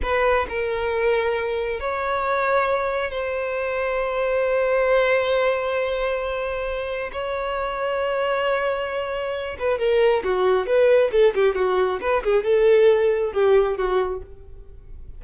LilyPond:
\new Staff \with { instrumentName = "violin" } { \time 4/4 \tempo 4 = 135 b'4 ais'2. | cis''2. c''4~ | c''1~ | c''1 |
cis''1~ | cis''4. b'8 ais'4 fis'4 | b'4 a'8 g'8 fis'4 b'8 gis'8 | a'2 g'4 fis'4 | }